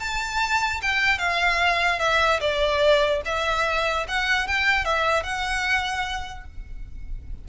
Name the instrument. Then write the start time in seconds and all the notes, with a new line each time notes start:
violin
0.00 A5
0.82 G5
1.19 F5
2.00 E5
2.40 D5
3.25 E5
4.08 F#5
4.47 G5
4.85 E5
5.24 F#5